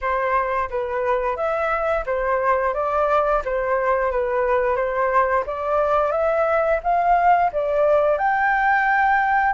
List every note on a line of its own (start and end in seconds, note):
0.01 0.69 C5
0.70 1.36 B4
1.36 2.04 E5
2.05 2.74 C5
2.74 3.42 D5
3.44 4.11 C5
4.11 4.75 B4
4.75 5.44 C5
5.46 6.11 D5
6.11 6.80 E5
6.83 7.51 F5
7.52 8.18 D5
8.18 9.53 G5